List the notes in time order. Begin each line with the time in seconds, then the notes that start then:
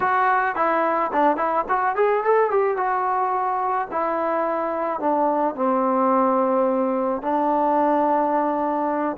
0.00 F#4
0.55 E4
1.12 D4
1.37 E4
1.68 F#4
1.95 G#4
2.23 A4
2.50 G4
2.77 F#4
3.91 E4
5.00 D4
5.55 C4
7.22 D4